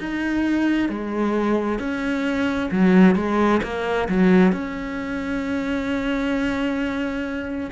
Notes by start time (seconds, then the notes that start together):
0.00 D#4
0.89 G#3
1.79 C#4
2.71 F#3
3.16 G#3
3.63 A#3
4.09 F#3
4.52 C#4